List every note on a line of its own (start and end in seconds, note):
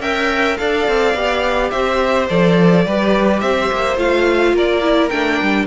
0.00 0.57 C#4
0.00 0.58 A#4
0.00 0.58 E5
0.00 0.57 G5
0.57 0.88 D4
0.57 1.15 A4
0.57 1.72 D5
0.57 1.70 F5
0.88 1.15 C4
1.15 1.71 B3
1.15 2.30 G4
1.70 2.29 C4
1.70 2.85 C5
1.70 2.27 E5
2.30 2.86 F3
2.30 2.87 A4
2.30 3.41 D5
2.86 3.43 G3
2.86 3.98 G4
2.86 3.42 B4
3.41 3.71 C4
3.41 4.55 C5
3.41 3.97 E5
3.73 3.98 A#3
3.98 4.53 A3
3.98 4.82 F4
3.98 4.56 F5
4.53 5.10 A#3
4.53 5.67 A#4
4.53 5.10 D5
4.82 5.10 E4
5.10 5.41 A3
5.10 5.67 D4
5.10 5.66 G5
5.42 5.67 G3